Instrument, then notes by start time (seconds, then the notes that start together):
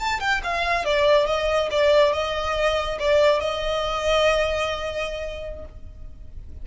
violin
0.00 A5
0.20 G5
0.44 F5
0.85 D5
1.27 D#5
1.71 D5
2.13 D#5
2.99 D5
3.41 D#5